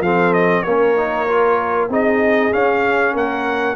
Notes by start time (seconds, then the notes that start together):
0.00 F3 C4 A4 F5
0.34 D#5
0.63 A#3 C#4 A#4 C#5
0.97 D#4
1.28 F4
1.89 C4 D#4 G#4 D#5
2.52 C#4 F5
3.14 A#3 A#4 F#5